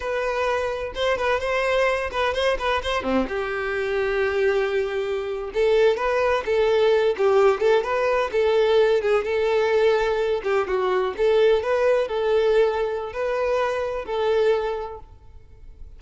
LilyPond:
\new Staff \with { instrumentName = "violin" } { \time 4/4 \tempo 4 = 128 b'2 c''8 b'8 c''4~ | c''8 b'8 c''8 b'8 c''8 c'8 g'4~ | g'2.~ g'8. a'16~ | a'8. b'4 a'4. g'8.~ |
g'16 a'8 b'4 a'4. gis'8 a'16~ | a'2~ a'16 g'8 fis'4 a'16~ | a'8. b'4 a'2~ a'16 | b'2 a'2 | }